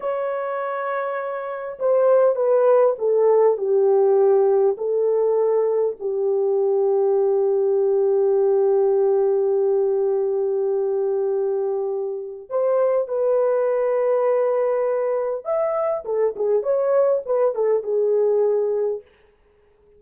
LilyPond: \new Staff \with { instrumentName = "horn" } { \time 4/4 \tempo 4 = 101 cis''2. c''4 | b'4 a'4 g'2 | a'2 g'2~ | g'1~ |
g'1~ | g'4 c''4 b'2~ | b'2 e''4 a'8 gis'8 | cis''4 b'8 a'8 gis'2 | }